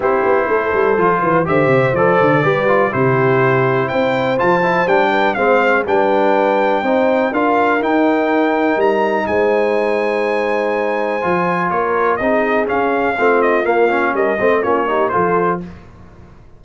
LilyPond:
<<
  \new Staff \with { instrumentName = "trumpet" } { \time 4/4 \tempo 4 = 123 c''2. e''4 | d''2 c''2 | g''4 a''4 g''4 f''4 | g''2. f''4 |
g''2 ais''4 gis''4~ | gis''1 | cis''4 dis''4 f''4. dis''8 | f''4 dis''4 cis''4 c''4 | }
  \new Staff \with { instrumentName = "horn" } { \time 4/4 g'4 a'4. b'8 c''4~ | c''4 b'4 g'2 | c''2~ c''8 b'8 c''4 | b'2 c''4 ais'4~ |
ais'2. c''4~ | c''1 | ais'4 gis'2 f'4~ | f'4 ais'8 c''8 f'8 g'8 a'4 | }
  \new Staff \with { instrumentName = "trombone" } { \time 4/4 e'2 f'4 g'4 | a'4 g'8 f'8 e'2~ | e'4 f'8 e'8 d'4 c'4 | d'2 dis'4 f'4 |
dis'1~ | dis'2. f'4~ | f'4 dis'4 cis'4 c'4 | ais8 cis'4 c'8 cis'8 dis'8 f'4 | }
  \new Staff \with { instrumentName = "tuba" } { \time 4/4 c'8 b8 a8 g8 f8 e8 d8 c8 | f8 d8 g4 c2 | c'4 f4 g4 gis4 | g2 c'4 d'4 |
dis'2 g4 gis4~ | gis2. f4 | ais4 c'4 cis'4 a4 | ais4 g8 a8 ais4 f4 | }
>>